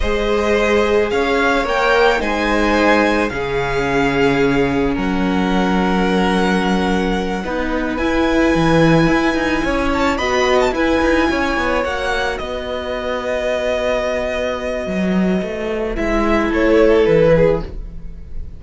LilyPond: <<
  \new Staff \with { instrumentName = "violin" } { \time 4/4 \tempo 4 = 109 dis''2 f''4 g''4 | gis''2 f''2~ | f''4 fis''2.~ | fis''2~ fis''8 gis''4.~ |
gis''2 a''8 b''8. a''16 gis''8~ | gis''4. fis''4 dis''4.~ | dis''1~ | dis''4 e''4 cis''4 b'4 | }
  \new Staff \with { instrumentName = "violin" } { \time 4/4 c''2 cis''2 | c''2 gis'2~ | gis'4 ais'2.~ | ais'4. b'2~ b'8~ |
b'4. cis''4 dis''4 b'8~ | b'8 cis''2 b'4.~ | b'1~ | b'2 a'4. gis'8 | }
  \new Staff \with { instrumentName = "viola" } { \time 4/4 gis'2. ais'4 | dis'2 cis'2~ | cis'1~ | cis'4. dis'4 e'4.~ |
e'2~ e'8 fis'4 e'8~ | e'4. fis'2~ fis'8~ | fis'1~ | fis'4 e'2. | }
  \new Staff \with { instrumentName = "cello" } { \time 4/4 gis2 cis'4 ais4 | gis2 cis2~ | cis4 fis2.~ | fis4. b4 e'4 e8~ |
e8 e'8 dis'8 cis'4 b4 e'8 | dis'8 cis'8 b8 ais4 b4.~ | b2. fis4 | a4 gis4 a4 e4 | }
>>